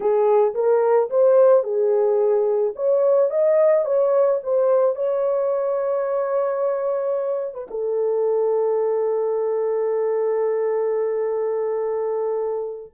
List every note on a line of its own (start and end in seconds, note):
0.00 0.54 G#4
0.54 1.09 A#4
1.09 1.63 C5
1.63 2.73 G#4
2.75 3.30 C#5
3.30 3.85 D#5
3.85 4.40 C#5
4.43 4.95 C5
4.95 7.54 C#5
7.54 7.68 B4
7.70 12.93 A4